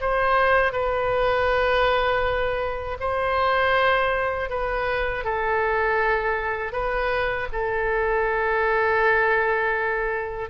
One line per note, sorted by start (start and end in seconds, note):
0.00 0.72 C5
0.72 2.97 B4
3.00 4.49 C5
4.49 5.24 B4
5.24 6.72 A4
6.72 7.47 B4
7.52 10.49 A4